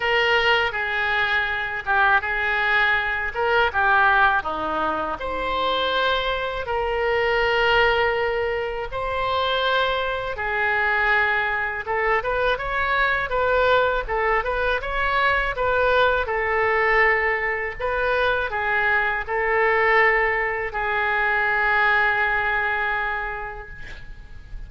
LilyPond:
\new Staff \with { instrumentName = "oboe" } { \time 4/4 \tempo 4 = 81 ais'4 gis'4. g'8 gis'4~ | gis'8 ais'8 g'4 dis'4 c''4~ | c''4 ais'2. | c''2 gis'2 |
a'8 b'8 cis''4 b'4 a'8 b'8 | cis''4 b'4 a'2 | b'4 gis'4 a'2 | gis'1 | }